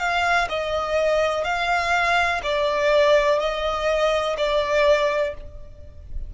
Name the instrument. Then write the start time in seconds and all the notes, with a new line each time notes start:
violin
0.00 F5
0.49 D#5
1.45 F5
2.44 D5
3.40 D#5
4.38 D5